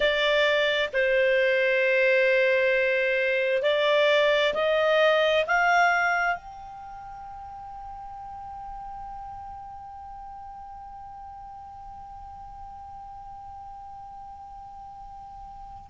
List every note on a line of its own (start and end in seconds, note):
0.00 0.89 D5
0.93 3.62 C5
3.62 4.53 D5
4.53 5.44 D#5
5.46 6.36 F5
6.36 15.90 G5